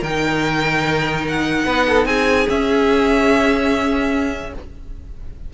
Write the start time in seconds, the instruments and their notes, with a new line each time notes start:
0.00 cello D#3, viola D#4, violin A#4 G5
1.28 violin F#5
1.65 cello B3, violin B4
1.87 violin A4
2.05 cello C4, violin G#4 G#5
2.48 viola C#4, cello C#4, violin E5